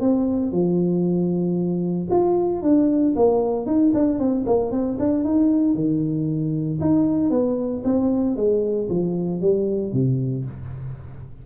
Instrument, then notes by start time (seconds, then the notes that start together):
tuba
0.00 C4
0.51 F3
2.10 F4
2.62 D4
3.15 A#3
3.66 D#4
3.94 D4
4.19 C4
4.46 A#3
4.71 C4
4.99 D4
5.24 D#4
5.74 D#3
6.80 D#4
7.30 B3
7.84 C4
8.36 G#3
8.89 F3
9.41 G3
9.92 C3